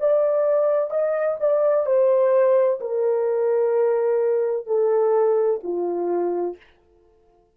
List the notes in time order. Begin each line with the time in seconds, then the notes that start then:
0.00 D5
0.90 D#5
1.40 D5
1.85 C5
2.80 A#4
4.66 A4
5.63 F4